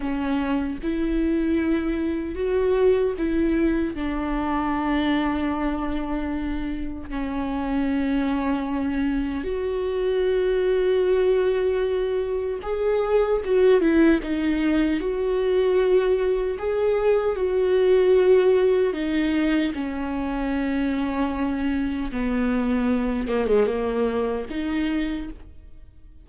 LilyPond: \new Staff \with { instrumentName = "viola" } { \time 4/4 \tempo 4 = 76 cis'4 e'2 fis'4 | e'4 d'2.~ | d'4 cis'2. | fis'1 |
gis'4 fis'8 e'8 dis'4 fis'4~ | fis'4 gis'4 fis'2 | dis'4 cis'2. | b4. ais16 gis16 ais4 dis'4 | }